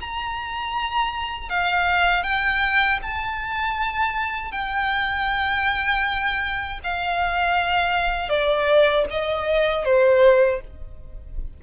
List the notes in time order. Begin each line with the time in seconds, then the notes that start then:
0.00 A#5
1.49 F5
2.23 G5
3.02 A5
4.52 G5
6.83 F5
8.29 D5
9.10 D#5
9.85 C5